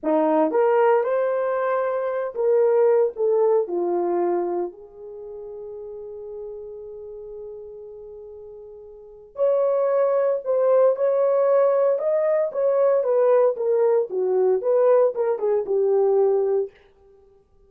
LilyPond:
\new Staff \with { instrumentName = "horn" } { \time 4/4 \tempo 4 = 115 dis'4 ais'4 c''2~ | c''8 ais'4. a'4 f'4~ | f'4 gis'2.~ | gis'1~ |
gis'2 cis''2 | c''4 cis''2 dis''4 | cis''4 b'4 ais'4 fis'4 | b'4 ais'8 gis'8 g'2 | }